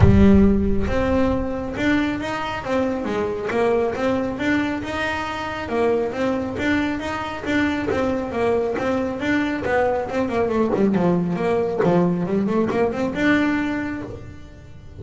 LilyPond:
\new Staff \with { instrumentName = "double bass" } { \time 4/4 \tempo 4 = 137 g2 c'2 | d'4 dis'4 c'4 gis4 | ais4 c'4 d'4 dis'4~ | dis'4 ais4 c'4 d'4 |
dis'4 d'4 c'4 ais4 | c'4 d'4 b4 c'8 ais8 | a8 g8 f4 ais4 f4 | g8 a8 ais8 c'8 d'2 | }